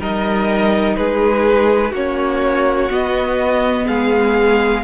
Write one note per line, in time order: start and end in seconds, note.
0.00 0.97 G3
0.00 1.94 D#4
0.00 0.97 A#4
0.00 0.96 D#5
0.96 1.93 G#3
0.96 1.91 G#4
0.96 1.93 B4
1.91 2.90 A#3
1.91 2.91 C#4
1.91 3.85 F#4
1.91 2.92 C#5
2.91 4.84 B3
2.91 3.88 B3
2.91 3.88 D#5
3.87 4.84 G#3
3.87 4.84 G#4
3.87 4.84 F5